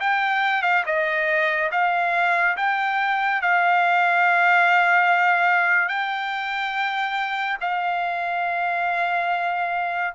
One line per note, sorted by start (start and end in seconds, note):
0.00 0.63 G5
0.63 0.84 F5
0.86 1.71 D#5
1.72 2.56 F5
2.57 3.41 G5
3.41 5.88 F5
5.88 7.57 G5
7.61 10.14 F5